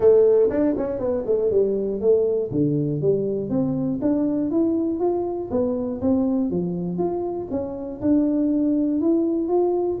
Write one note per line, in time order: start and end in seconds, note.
0.00 0.49 A3
0.50 0.75 D4
0.77 0.99 C#4
0.99 1.24 B3
1.25 1.50 A3
1.50 2.00 G3
2.00 2.50 A3
2.51 3.01 D3
3.01 3.49 G3
3.49 3.99 C4
4.01 4.50 D4
4.50 4.99 E4
4.99 5.49 F4
5.50 6.00 B3
6.01 6.50 C4
6.50 6.97 F3
6.97 7.47 F4
7.50 8.00 C#4
8.01 9.00 D4
9.00 9.48 E4
9.48 9.98 F4